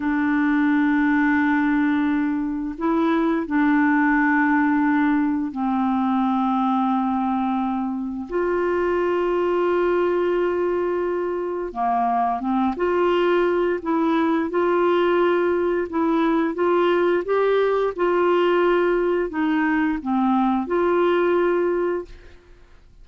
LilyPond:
\new Staff \with { instrumentName = "clarinet" } { \time 4/4 \tempo 4 = 87 d'1 | e'4 d'2. | c'1 | f'1~ |
f'4 ais4 c'8 f'4. | e'4 f'2 e'4 | f'4 g'4 f'2 | dis'4 c'4 f'2 | }